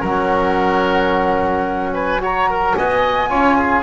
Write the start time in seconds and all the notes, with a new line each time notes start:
0.00 F#3 C#4 A#4 F#5
1.94 B4 G#5
2.21 F#4 C#5 A#5
2.50 A#4
2.75 B3 D#5 G#5
3.29 C#4 F4 C#5
3.57 G#4